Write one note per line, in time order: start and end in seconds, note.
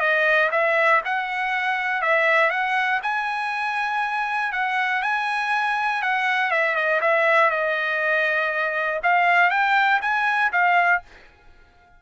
0.00 0.50 D#5
0.51 1.01 E5
1.05 2.02 F#5
2.02 2.50 E5
2.50 3.00 F#5
3.02 4.52 G#5
4.52 5.02 F#5
5.02 6.02 G#5
6.02 6.51 F#5
6.51 6.75 E5
6.75 7.00 D#5
7.01 7.50 E5
7.50 9.00 D#5
9.03 9.50 F5
9.50 10.00 G5
10.01 10.51 G#5
10.52 11.02 F5